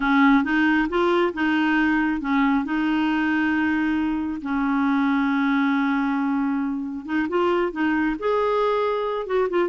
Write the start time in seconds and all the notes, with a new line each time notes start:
0.00 C#4
0.44 D#4
0.89 F4
1.33 D#4
2.21 C#4
2.65 D#4
4.41 C#4
7.05 D#4
7.28 F4
7.71 D#4
8.19 G#4
9.26 F#4
9.49 F4